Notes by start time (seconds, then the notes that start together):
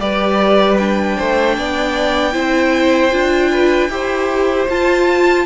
0.00 G3 G4 B4 D5
0.78 D4 G5
1.17 A3 C5
1.58 B3 D5
2.33 C4 E4 C5
3.12 D4 F4
3.51 B4
3.90 E4 G4 C5
4.69 F4 A5